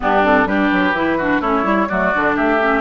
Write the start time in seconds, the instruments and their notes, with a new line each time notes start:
0.00 bassoon G2, clarinet B3, oboe D4, flute G4
0.24 clarinet C4, flute A4
0.46 bassoon G3, clarinet D4, oboe G4, flute B4
0.72 bassoon F#3
0.93 bassoon E3, clarinet E4
1.17 clarinet D4, oboe F#4
1.40 bassoon A3, clarinet C#4, oboe E4, flute C#5
1.63 bassoon G3, clarinet E4
1.88 bassoon F#3, clarinet A3, oboe F#4, flute D5
2.14 bassoon D3, clarinet D4
2.35 bassoon A3, oboe G4, flute E5
2.59 clarinet C#4